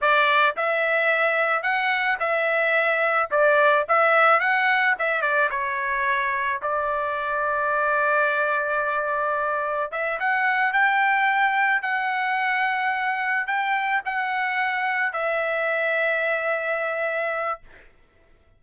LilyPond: \new Staff \with { instrumentName = "trumpet" } { \time 4/4 \tempo 4 = 109 d''4 e''2 fis''4 | e''2 d''4 e''4 | fis''4 e''8 d''8 cis''2 | d''1~ |
d''2 e''8 fis''4 g''8~ | g''4. fis''2~ fis''8~ | fis''8 g''4 fis''2 e''8~ | e''1 | }